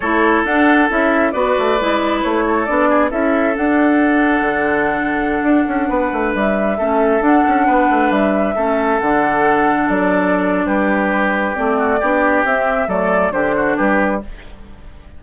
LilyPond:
<<
  \new Staff \with { instrumentName = "flute" } { \time 4/4 \tempo 4 = 135 cis''4 fis''4 e''4 d''4~ | d''4 cis''4 d''4 e''4 | fis''1~ | fis''2~ fis''16 e''4.~ e''16~ |
e''16 fis''2 e''4.~ e''16~ | e''16 fis''2 d''4.~ d''16 | b'2 d''2 | e''4 d''4 c''4 b'4 | }
  \new Staff \with { instrumentName = "oboe" } { \time 4/4 a'2. b'4~ | b'4. a'4 gis'8 a'4~ | a'1~ | a'4~ a'16 b'2 a'8.~ |
a'4~ a'16 b'2 a'8.~ | a'1 | g'2~ g'8 fis'8 g'4~ | g'4 a'4 g'8 fis'8 g'4 | }
  \new Staff \with { instrumentName = "clarinet" } { \time 4/4 e'4 d'4 e'4 fis'4 | e'2 d'4 e'4 | d'1~ | d'2.~ d'16 cis'8.~ |
cis'16 d'2. cis'8.~ | cis'16 d'2.~ d'8.~ | d'2 c'4 d'4 | c'4 a4 d'2 | }
  \new Staff \with { instrumentName = "bassoon" } { \time 4/4 a4 d'4 cis'4 b8 a8 | gis4 a4 b4 cis'4 | d'2 d2~ | d16 d'8 cis'8 b8 a8 g4 a8.~ |
a16 d'8 cis'8 b8 a8 g4 a8.~ | a16 d2 fis4.~ fis16 | g2 a4 b4 | c'4 fis4 d4 g4 | }
>>